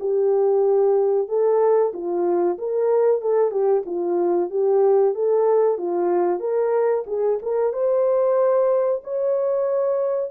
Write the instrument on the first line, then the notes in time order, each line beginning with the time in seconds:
horn
0.00 G4
1.28 A4
1.94 F4
2.58 A#4
3.22 A4
3.51 G4
3.86 F4
4.50 G4
5.15 A4
5.78 F4
6.40 A#4
7.07 G#4
7.43 A#4
7.73 C5
9.04 C#5